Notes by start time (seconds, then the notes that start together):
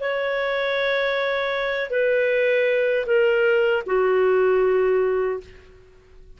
0.00 C#5
1.90 B4
3.06 A#4
3.86 F#4